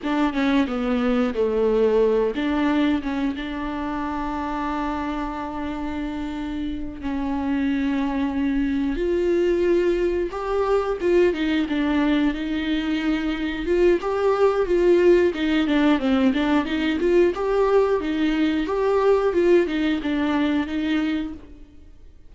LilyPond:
\new Staff \with { instrumentName = "viola" } { \time 4/4 \tempo 4 = 90 d'8 cis'8 b4 a4. d'8~ | d'8 cis'8 d'2.~ | d'2~ d'8 cis'4.~ | cis'4. f'2 g'8~ |
g'8 f'8 dis'8 d'4 dis'4.~ | dis'8 f'8 g'4 f'4 dis'8 d'8 | c'8 d'8 dis'8 f'8 g'4 dis'4 | g'4 f'8 dis'8 d'4 dis'4 | }